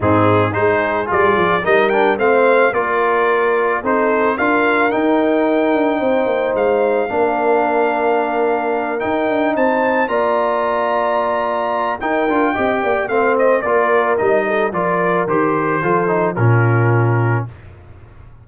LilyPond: <<
  \new Staff \with { instrumentName = "trumpet" } { \time 4/4 \tempo 4 = 110 gis'4 c''4 d''4 dis''8 g''8 | f''4 d''2 c''4 | f''4 g''2. | f''1~ |
f''8 g''4 a''4 ais''4.~ | ais''2 g''2 | f''8 dis''8 d''4 dis''4 d''4 | c''2 ais'2 | }
  \new Staff \with { instrumentName = "horn" } { \time 4/4 dis'4 gis'2 ais'4 | c''4 ais'2 a'4 | ais'2. c''4~ | c''4 ais'2.~ |
ais'4. c''4 d''4.~ | d''2 ais'4 dis''8 d''8 | c''4 ais'4. a'8 ais'4~ | ais'4 a'4 f'2 | }
  \new Staff \with { instrumentName = "trombone" } { \time 4/4 c'4 dis'4 f'4 dis'8 d'8 | c'4 f'2 dis'4 | f'4 dis'2.~ | dis'4 d'2.~ |
d'8 dis'2 f'4.~ | f'2 dis'8 f'8 g'4 | c'4 f'4 dis'4 f'4 | g'4 f'8 dis'8 cis'2 | }
  \new Staff \with { instrumentName = "tuba" } { \time 4/4 gis,4 gis4 g8 f8 g4 | a4 ais2 c'4 | d'4 dis'4. d'8 c'8 ais8 | gis4 ais2.~ |
ais8 dis'8 d'8 c'4 ais4.~ | ais2 dis'8 d'8 c'8 ais8 | a4 ais4 g4 f4 | dis4 f4 ais,2 | }
>>